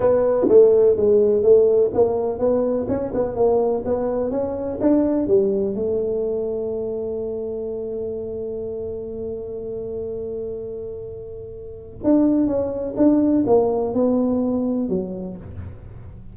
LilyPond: \new Staff \with { instrumentName = "tuba" } { \time 4/4 \tempo 4 = 125 b4 a4 gis4 a4 | ais4 b4 cis'8 b8 ais4 | b4 cis'4 d'4 g4 | a1~ |
a1~ | a1~ | a4 d'4 cis'4 d'4 | ais4 b2 fis4 | }